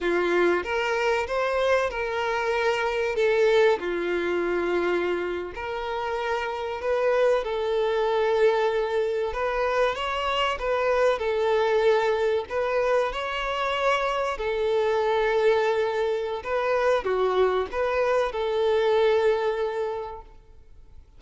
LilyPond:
\new Staff \with { instrumentName = "violin" } { \time 4/4 \tempo 4 = 95 f'4 ais'4 c''4 ais'4~ | ais'4 a'4 f'2~ | f'8. ais'2 b'4 a'16~ | a'2~ a'8. b'4 cis''16~ |
cis''8. b'4 a'2 b'16~ | b'8. cis''2 a'4~ a'16~ | a'2 b'4 fis'4 | b'4 a'2. | }